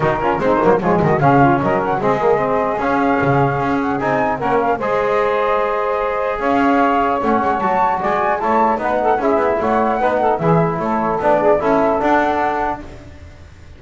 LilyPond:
<<
  \new Staff \with { instrumentName = "flute" } { \time 4/4 \tempo 4 = 150 ais'4 c''4 cis''8 dis''8 f''4 | dis''8 fis''8 dis''2 f''4~ | f''4. fis''8 gis''4 fis''8 f''8 | dis''1 |
f''2 fis''4 a''4 | gis''4 a''4 fis''4 e''4 | fis''2 e''4 cis''4 | d''4 e''4 fis''2 | }
  \new Staff \with { instrumentName = "saxophone" } { \time 4/4 fis'8 f'8 dis'4 f'8 fis'8 gis'8 f'8 | ais'4 gis'2.~ | gis'2. ais'4 | c''1 |
cis''1 | d''4 cis''4 b'8 a'8 gis'4 | cis''4 b'8 a'8 gis'4 a'4~ | a'8 gis'8 a'2. | }
  \new Staff \with { instrumentName = "trombone" } { \time 4/4 dis'8 cis'8 c'8 ais8 gis4 cis'4~ | cis'4 c'8 ais8 c'4 cis'4~ | cis'2 dis'4 cis'4 | gis'1~ |
gis'2 cis'4 fis'4~ | fis'4 e'4 dis'4 e'4~ | e'4 dis'4 e'2 | d'4 e'4 d'2 | }
  \new Staff \with { instrumentName = "double bass" } { \time 4/4 dis4 gis8 fis8 f8 dis8 cis4 | fis4 gis2 cis'4 | cis4 cis'4 c'4 ais4 | gis1 |
cis'2 a8 gis8 fis4 | gis4 a4 b4 cis'8 b8 | a4 b4 e4 a4 | b4 cis'4 d'2 | }
>>